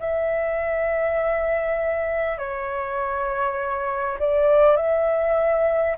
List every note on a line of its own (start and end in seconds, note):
0.00 2.39 E5
2.39 4.19 C#5
4.19 4.77 D5
4.77 5.97 E5